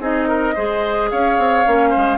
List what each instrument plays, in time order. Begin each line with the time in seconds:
0.00 bassoon C4, clarinet D#4, oboe G#4, flute D#5
0.28 oboe A#4
0.55 bassoon G#3, clarinet G#4, oboe C5
1.11 bassoon C#4, oboe C#5, flute F5
1.38 bassoon C4
1.65 bassoon A#3, clarinet C#4
1.90 oboe C5
1.97 bassoon G#3